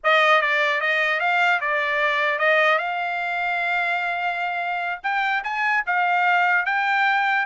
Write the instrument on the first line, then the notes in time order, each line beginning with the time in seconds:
trumpet
0.03 D#5
0.41 D5
0.81 D#5
1.20 F5
1.60 D5
2.39 D#5
2.78 F5
5.03 G5
5.43 G#5
5.86 F5
6.65 G5